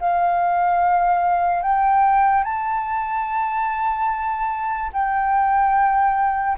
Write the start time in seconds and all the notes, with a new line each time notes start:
0.00 F5
1.63 G5
2.44 A5
4.94 G5